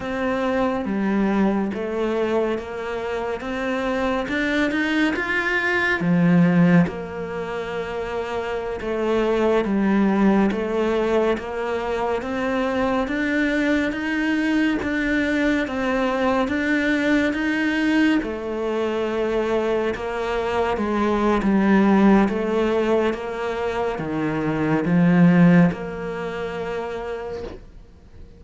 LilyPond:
\new Staff \with { instrumentName = "cello" } { \time 4/4 \tempo 4 = 70 c'4 g4 a4 ais4 | c'4 d'8 dis'8 f'4 f4 | ais2~ ais16 a4 g8.~ | g16 a4 ais4 c'4 d'8.~ |
d'16 dis'4 d'4 c'4 d'8.~ | d'16 dis'4 a2 ais8.~ | ais16 gis8. g4 a4 ais4 | dis4 f4 ais2 | }